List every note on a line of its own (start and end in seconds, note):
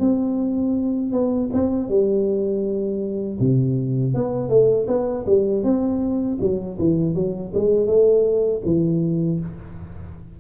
0.00 1.12 C4
1.12 1.50 B3
1.53 1.89 C4
1.89 3.39 G3
3.40 4.15 C3
4.15 4.49 B3
4.49 4.86 A3
4.88 5.25 B3
5.26 5.64 G3
5.64 6.39 C4
6.41 6.78 F#3
6.79 7.15 E3
7.15 7.52 F#3
7.54 7.86 G#3
7.86 8.61 A3
8.65 9.40 E3